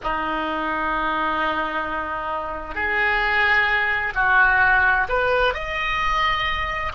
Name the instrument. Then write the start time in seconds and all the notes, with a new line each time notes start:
oboe
0.03 D#4
2.74 G#4
4.15 F#4
5.09 B4
5.54 D#5